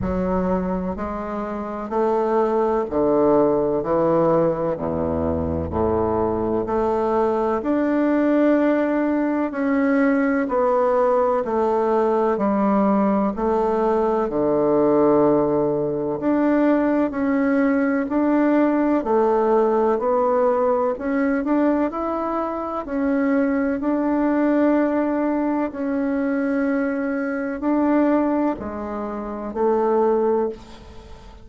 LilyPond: \new Staff \with { instrumentName = "bassoon" } { \time 4/4 \tempo 4 = 63 fis4 gis4 a4 d4 | e4 e,4 a,4 a4 | d'2 cis'4 b4 | a4 g4 a4 d4~ |
d4 d'4 cis'4 d'4 | a4 b4 cis'8 d'8 e'4 | cis'4 d'2 cis'4~ | cis'4 d'4 gis4 a4 | }